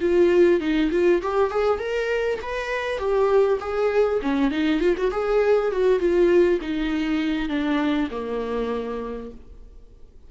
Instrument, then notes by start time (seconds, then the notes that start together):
viola
0.00 F4
0.60 D#4
0.91 F4
1.22 G4
1.50 G#4
1.79 A#4
2.41 B4
2.98 G4
3.60 G#4
4.22 C#4
4.50 D#4
4.80 F4
4.97 F#4
5.11 G#4
5.71 F#4
5.99 F4
6.61 D#4
7.48 D4
8.10 A#3